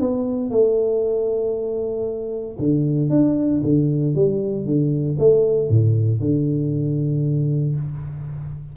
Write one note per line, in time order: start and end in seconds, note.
0.00 0.50 B3
0.50 2.57 A3
2.59 3.09 D3
3.09 3.61 D4
3.63 4.15 D3
4.15 4.65 G3
4.65 5.17 D3
5.19 5.69 A3
5.69 6.20 A2
6.20 7.75 D3